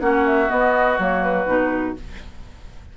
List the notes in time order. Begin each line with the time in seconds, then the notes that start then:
0.00 A#3 C#4 F#4 F#5
0.26 E5
0.47 B3 D#5
0.99 F#3 A#3 C#5
1.23 B4
1.46 B2 D#4